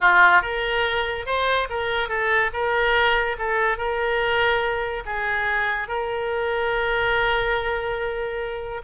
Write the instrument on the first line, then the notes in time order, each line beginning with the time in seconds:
oboe
0.00 F4
0.42 A#4
1.26 C5
1.69 A#4
2.08 A4
2.53 A#4
3.38 A4
3.77 A#4
5.05 G#4
5.87 A#4